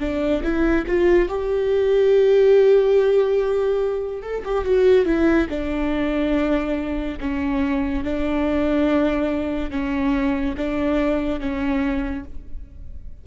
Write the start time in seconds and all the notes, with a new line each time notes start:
0.00 D4
0.43 E4
0.87 F4
1.29 G4
4.22 A4
4.45 G4
4.65 F#4
5.06 E4
5.50 D4
7.21 C#4
8.04 D4
9.71 C#4
10.57 D4
11.40 C#4